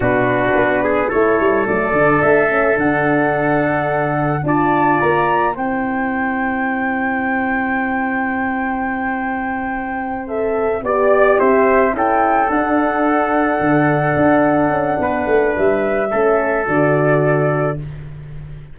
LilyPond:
<<
  \new Staff \with { instrumentName = "flute" } { \time 4/4 \tempo 4 = 108 b'2 cis''4 d''4 | e''4 fis''2. | a''4 ais''4 g''2~ | g''1~ |
g''2~ g''8 e''4 d''8~ | d''8 e''4 g''4 fis''4.~ | fis''1 | e''2 d''2 | }
  \new Staff \with { instrumentName = "trumpet" } { \time 4/4 fis'4. gis'8 a'2~ | a'1 | d''2 c''2~ | c''1~ |
c''2.~ c''8 d''8~ | d''8 c''4 a'2~ a'8~ | a'2. b'4~ | b'4 a'2. | }
  \new Staff \with { instrumentName = "horn" } { \time 4/4 d'2 e'4 a8 d'8~ | d'8 cis'8 d'2. | f'2 e'2~ | e'1~ |
e'2~ e'8 a'4 g'8~ | g'4. e'4 d'4.~ | d'1~ | d'4 cis'4 fis'2 | }
  \new Staff \with { instrumentName = "tuba" } { \time 4/4 b,4 b4 a8 g8 fis8 d8 | a4 d2. | d'4 ais4 c'2~ | c'1~ |
c'2.~ c'8 b8~ | b8 c'4 cis'4 d'4.~ | d'8 d4 d'4 cis'8 b8 a8 | g4 a4 d2 | }
>>